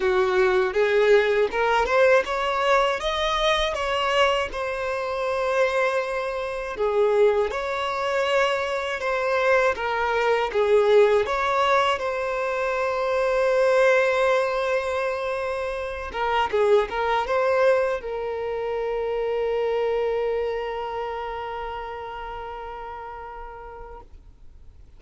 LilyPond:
\new Staff \with { instrumentName = "violin" } { \time 4/4 \tempo 4 = 80 fis'4 gis'4 ais'8 c''8 cis''4 | dis''4 cis''4 c''2~ | c''4 gis'4 cis''2 | c''4 ais'4 gis'4 cis''4 |
c''1~ | c''4. ais'8 gis'8 ais'8 c''4 | ais'1~ | ais'1 | }